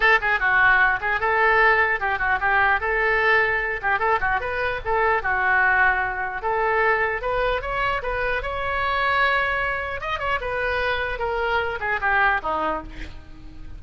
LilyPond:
\new Staff \with { instrumentName = "oboe" } { \time 4/4 \tempo 4 = 150 a'8 gis'8 fis'4. gis'8 a'4~ | a'4 g'8 fis'8 g'4 a'4~ | a'4. g'8 a'8 fis'8 b'4 | a'4 fis'2. |
a'2 b'4 cis''4 | b'4 cis''2.~ | cis''4 dis''8 cis''8 b'2 | ais'4. gis'8 g'4 dis'4 | }